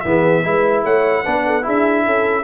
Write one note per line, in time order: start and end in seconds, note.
0.00 0.45 E3
0.00 0.43 B3
0.00 0.81 E5
0.06 0.44 G#4
0.43 0.84 G#3
0.43 1.24 E4
0.43 0.84 B4
0.84 1.24 A3
0.84 1.23 C#5
0.84 1.66 F#5
1.23 1.67 B3
1.23 1.62 D4
1.23 1.43 B4
1.46 1.64 A4
1.62 2.06 D4
1.62 2.43 E4
1.62 2.05 G#4
1.69 2.44 E5
2.05 2.44 C#4
2.05 2.44 A4